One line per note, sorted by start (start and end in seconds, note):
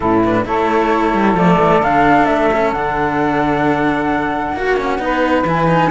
0.00 0.46 A2
0.00 0.24 C#4
0.00 0.45 E4
0.00 0.23 A4
0.23 0.45 D4
0.23 0.46 B4
0.45 1.14 A3
0.45 1.35 E4
0.45 4.56 A4
0.45 1.37 C#5
1.14 1.33 G3
1.33 1.56 F3
1.33 1.82 A3
1.33 1.83 D5
1.59 1.79 E3
1.79 2.25 D3
1.79 2.50 D4
1.79 2.25 F5
2.25 2.71 A3
2.25 2.71 E5
2.52 2.75 C#4
2.71 4.52 D3
2.71 4.56 D4
2.71 5.45 F#5
4.52 4.97 A#3
4.52 5.01 F#4
4.52 4.77 F#4
4.77 4.98 C#4
4.97 5.43 B3
4.97 5.44 D#4
4.97 5.90 B4
5.44 5.89 E3
5.44 5.67 E4
5.44 5.90 G#5
5.67 5.90 D#4